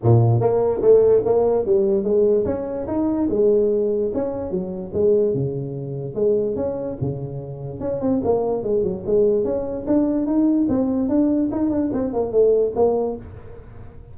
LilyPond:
\new Staff \with { instrumentName = "tuba" } { \time 4/4 \tempo 4 = 146 ais,4 ais4 a4 ais4 | g4 gis4 cis'4 dis'4 | gis2 cis'4 fis4 | gis4 cis2 gis4 |
cis'4 cis2 cis'8 c'8 | ais4 gis8 fis8 gis4 cis'4 | d'4 dis'4 c'4 d'4 | dis'8 d'8 c'8 ais8 a4 ais4 | }